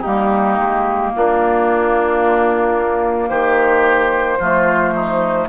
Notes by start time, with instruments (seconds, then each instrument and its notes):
0.00 bassoon G3, clarinet A#3, oboe D#4, flute G4
0.58 bassoon G#3
1.14 bassoon A#3, oboe D4, flute F4
3.29 bassoon D#3, oboe G4, flute C5
4.39 bassoon F3, clarinet A3, oboe F4
4.95 oboe D#4